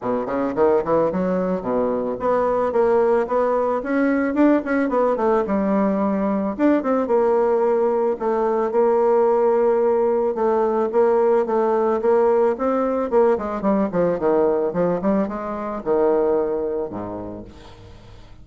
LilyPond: \new Staff \with { instrumentName = "bassoon" } { \time 4/4 \tempo 4 = 110 b,8 cis8 dis8 e8 fis4 b,4 | b4 ais4 b4 cis'4 | d'8 cis'8 b8 a8 g2 | d'8 c'8 ais2 a4 |
ais2. a4 | ais4 a4 ais4 c'4 | ais8 gis8 g8 f8 dis4 f8 g8 | gis4 dis2 gis,4 | }